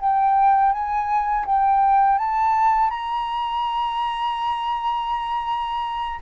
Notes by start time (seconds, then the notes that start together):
0.00 G5
0.73 G#5
1.46 G5
2.18 A5
2.90 A#5